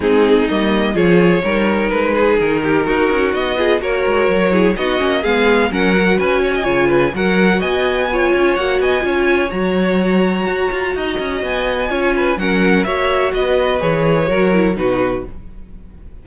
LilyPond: <<
  \new Staff \with { instrumentName = "violin" } { \time 4/4 \tempo 4 = 126 gis'4 dis''4 cis''2 | b'4 ais'2 dis''4 | cis''2 dis''4 f''4 | fis''4 gis''2 fis''4 |
gis''2 fis''8 gis''4. | ais''1 | gis''2 fis''4 e''4 | dis''4 cis''2 b'4 | }
  \new Staff \with { instrumentName = "violin" } { \time 4/4 dis'2 gis'4 ais'4~ | ais'8 gis'4 g'8 fis'4. gis'8 | ais'4. gis'8 fis'4 gis'4 | ais'4 b'8 cis''16 dis''16 cis''8 b'8 ais'4 |
dis''4 cis''4. dis''8 cis''4~ | cis''2. dis''4~ | dis''4 cis''8 b'8 ais'4 cis''4 | b'2 ais'4 fis'4 | }
  \new Staff \with { instrumentName = "viola" } { \time 4/4 c'4 ais4 f'4 dis'4~ | dis'2.~ dis'8 f'8 | fis'4. e'8 dis'8 cis'8 b4 | cis'8 fis'4. f'4 fis'4~ |
fis'4 f'4 fis'4 f'4 | fis'1~ | fis'4 f'4 cis'4 fis'4~ | fis'4 gis'4 fis'8 e'8 dis'4 | }
  \new Staff \with { instrumentName = "cello" } { \time 4/4 gis4 g4 f4 g4 | gis4 dis4 dis'8 cis'8 b4 | ais8 gis8 fis4 b8 ais8 gis4 | fis4 cis'4 cis4 fis4 |
b4. cis'8 ais8 b8 cis'4 | fis2 fis'8 f'8 dis'8 cis'8 | b4 cis'4 fis4 ais4 | b4 e4 fis4 b,4 | }
>>